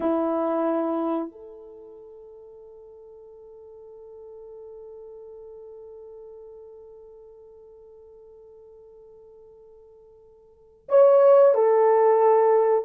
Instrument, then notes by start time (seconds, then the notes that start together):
horn
0.00 E4
1.31 A4
10.89 C#5
11.54 A4